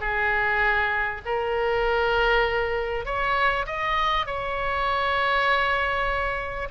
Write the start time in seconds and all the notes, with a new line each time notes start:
0.00 G#4
1.25 A#4
3.05 C#5
3.66 D#5
4.26 C#5